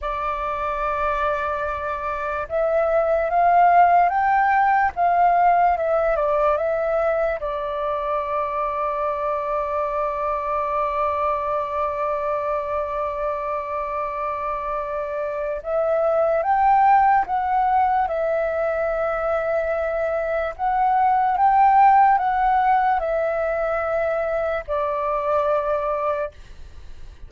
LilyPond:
\new Staff \with { instrumentName = "flute" } { \time 4/4 \tempo 4 = 73 d''2. e''4 | f''4 g''4 f''4 e''8 d''8 | e''4 d''2.~ | d''1~ |
d''2. e''4 | g''4 fis''4 e''2~ | e''4 fis''4 g''4 fis''4 | e''2 d''2 | }